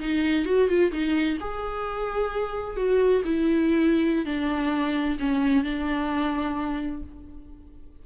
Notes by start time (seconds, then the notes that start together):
0.00 D#4
0.46 F#4
0.69 F4
0.92 D#4
1.41 G#4
2.77 F#4
3.25 E4
4.26 D4
5.20 C#4
5.64 D4